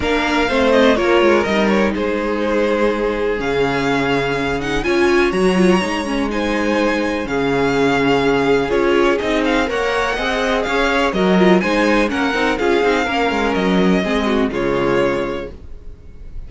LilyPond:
<<
  \new Staff \with { instrumentName = "violin" } { \time 4/4 \tempo 4 = 124 f''4. dis''8 cis''4 dis''8 cis''8 | c''2. f''4~ | f''4. fis''8 gis''4 ais''4~ | ais''4 gis''2 f''4~ |
f''2 cis''4 dis''8 f''8 | fis''2 f''4 dis''4 | gis''4 fis''4 f''2 | dis''2 cis''2 | }
  \new Staff \with { instrumentName = "violin" } { \time 4/4 ais'4 c''4 ais'2 | gis'1~ | gis'2 cis''2~ | cis''4 c''2 gis'4~ |
gis'1 | cis''4 dis''4 cis''4 ais'4 | c''4 ais'4 gis'4 ais'4~ | ais'4 gis'8 fis'8 f'2 | }
  \new Staff \with { instrumentName = "viola" } { \time 4/4 d'4 c'4 f'4 dis'4~ | dis'2. cis'4~ | cis'4. dis'8 f'4 fis'8 f'8 | dis'8 cis'8 dis'2 cis'4~ |
cis'2 f'4 dis'4 | ais'4 gis'2 fis'8 f'8 | dis'4 cis'8 dis'8 f'8 dis'8 cis'4~ | cis'4 c'4 gis2 | }
  \new Staff \with { instrumentName = "cello" } { \time 4/4 ais4 a4 ais8 gis8 g4 | gis2. cis4~ | cis2 cis'4 fis4 | gis2. cis4~ |
cis2 cis'4 c'4 | ais4 c'4 cis'4 fis4 | gis4 ais8 c'8 cis'8 c'8 ais8 gis8 | fis4 gis4 cis2 | }
>>